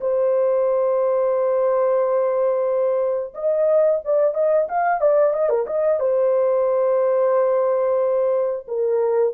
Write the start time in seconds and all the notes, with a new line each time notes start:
0.00 C5
3.34 D#5
4.04 D5
4.34 D#5
4.68 F5
5.00 D5
5.33 D#5
5.49 A#4
5.66 D#5
5.99 C5
8.67 A#4